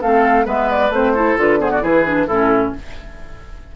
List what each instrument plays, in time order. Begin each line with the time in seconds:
0.00 bassoon A3, clarinet C4, oboe A4, flute F5
0.44 bassoon G#3, clarinet B3, oboe B4, flute E5
0.70 flute D5
0.89 bassoon A3, clarinet C4, flute C5
1.13 clarinet E4, oboe A4
1.36 bassoon D3, clarinet F4, flute B4
1.59 clarinet B3, oboe G#4, flute C5
1.71 oboe F#4, flute D5
1.81 bassoon E3, clarinet E4, oboe G#4, flute B4
2.04 clarinet D4
2.27 bassoon A2, clarinet C#4, oboe E4, flute A4